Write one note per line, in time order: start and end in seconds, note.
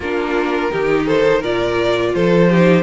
0.00 0.70 A#3
0.00 0.71 D4
0.00 0.71 F4
0.00 1.07 A#4
0.71 1.43 D#3
0.71 1.42 D#4
0.71 1.06 G4
1.06 1.39 A4
1.06 1.42 C5
1.39 2.14 A#2
1.39 2.50 F4
1.39 2.10 A#4
1.39 2.14 D5
2.14 2.82 F3
2.14 2.49 A4
2.14 2.82 C5
2.49 2.82 D#4
2.49 2.82 G4